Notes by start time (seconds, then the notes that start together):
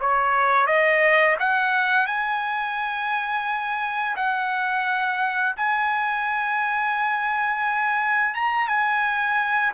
0.00 C#5
0.67 D#5
1.40 F#5
2.06 G#5
4.16 F#5
5.57 G#5
8.35 A#5
8.68 G#5